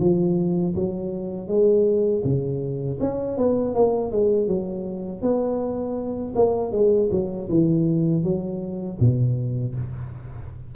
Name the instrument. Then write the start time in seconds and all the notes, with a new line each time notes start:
tuba
0.00 F3
0.75 F#3
1.48 G#3
2.24 C#3
3.01 C#4
3.38 B3
3.75 A#3
4.11 G#3
4.48 F#3
5.22 B3
6.36 A#3
6.72 G#3
7.11 F#3
7.50 E3
8.24 F#3
9.00 B2